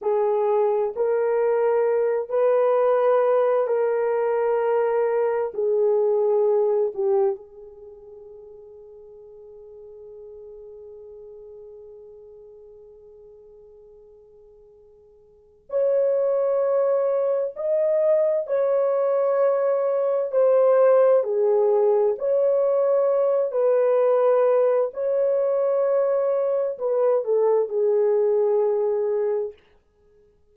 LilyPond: \new Staff \with { instrumentName = "horn" } { \time 4/4 \tempo 4 = 65 gis'4 ais'4. b'4. | ais'2 gis'4. g'8 | gis'1~ | gis'1~ |
gis'4 cis''2 dis''4 | cis''2 c''4 gis'4 | cis''4. b'4. cis''4~ | cis''4 b'8 a'8 gis'2 | }